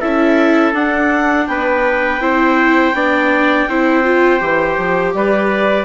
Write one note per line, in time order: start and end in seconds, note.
0.00 0.73 C#4
0.00 0.74 E4
0.00 1.47 A4
0.00 0.73 E5
0.73 1.46 D4
0.73 2.20 D4
0.73 1.47 F#5
1.47 2.20 B3
1.47 2.22 B4
1.47 5.13 G5
2.20 2.93 C4
2.20 2.94 E4
2.20 2.95 C5
2.94 3.67 B3
2.94 3.68 D4
2.94 3.69 D5
3.68 4.41 C4
3.68 4.04 E4
3.68 5.16 C5
4.04 4.40 F4
4.40 4.78 E3
4.40 5.85 G4
4.78 5.14 F3
5.14 5.85 G3
5.14 5.85 B4
5.14 5.85 D5